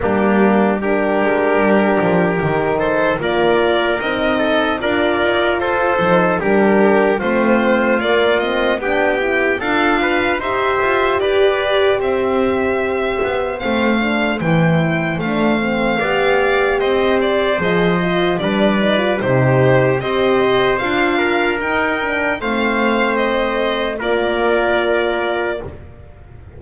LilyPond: <<
  \new Staff \with { instrumentName = "violin" } { \time 4/4 \tempo 4 = 75 g'4 ais'2~ ais'8 c''8 | d''4 dis''4 d''4 c''4 | ais'4 c''4 d''8 dis''8 g''4 | f''4 e''4 d''4 e''4~ |
e''4 f''4 g''4 f''4~ | f''4 dis''8 d''8 dis''4 d''4 | c''4 dis''4 f''4 g''4 | f''4 dis''4 d''2 | }
  \new Staff \with { instrumentName = "trumpet" } { \time 4/4 d'4 g'2~ g'8 a'8 | ais'4. a'8 ais'4 a'4 | g'4 f'2 g'4 | a'8 b'8 c''4 b'4 c''4~ |
c''1 | d''4 c''2 b'4 | g'4 c''4. ais'4. | c''2 ais'2 | }
  \new Staff \with { instrumentName = "horn" } { \time 4/4 ais4 d'2 dis'4 | f'4 dis'4 f'4. dis'8 | d'4 c'4 ais8 c'8 d'8 e'8 | f'4 g'2.~ |
g'4 c'8 d'8 e'4 d'8 c'8 | g'2 gis'8 f'8 d'8 dis'16 f'16 | dis'4 g'4 f'4 dis'8 d'8 | c'2 f'2 | }
  \new Staff \with { instrumentName = "double bass" } { \time 4/4 g4. gis8 g8 f8 dis4 | ais4 c'4 d'8 dis'8 f'8 f8 | g4 a4 ais4 b4 | d'4 dis'8 f'8 g'4 c'4~ |
c'8 b8 a4 e4 a4 | b4 c'4 f4 g4 | c4 c'4 d'4 dis'4 | a2 ais2 | }
>>